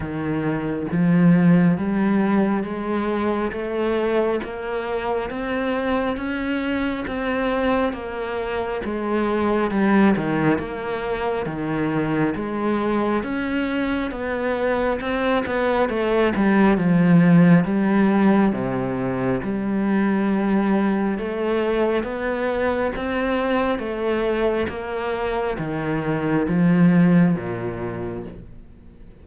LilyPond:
\new Staff \with { instrumentName = "cello" } { \time 4/4 \tempo 4 = 68 dis4 f4 g4 gis4 | a4 ais4 c'4 cis'4 | c'4 ais4 gis4 g8 dis8 | ais4 dis4 gis4 cis'4 |
b4 c'8 b8 a8 g8 f4 | g4 c4 g2 | a4 b4 c'4 a4 | ais4 dis4 f4 ais,4 | }